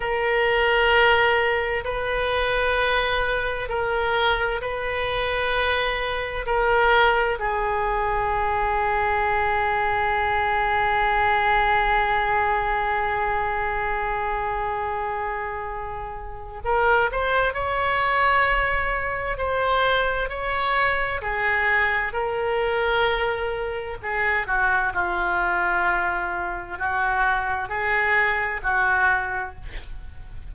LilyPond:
\new Staff \with { instrumentName = "oboe" } { \time 4/4 \tempo 4 = 65 ais'2 b'2 | ais'4 b'2 ais'4 | gis'1~ | gis'1~ |
gis'2 ais'8 c''8 cis''4~ | cis''4 c''4 cis''4 gis'4 | ais'2 gis'8 fis'8 f'4~ | f'4 fis'4 gis'4 fis'4 | }